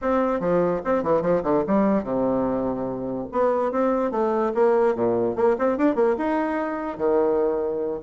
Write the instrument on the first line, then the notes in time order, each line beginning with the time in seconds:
bassoon
0.01 C4
0.40 F3
0.84 C4
1.03 E3
1.21 F3
1.43 D3
1.67 G3
2.03 C3
3.31 B3
3.71 C4
4.11 A3
4.54 A#3
4.95 A#2
5.35 A#3
5.58 C4
5.77 D4
5.95 A#3
6.17 D#4
6.97 D#3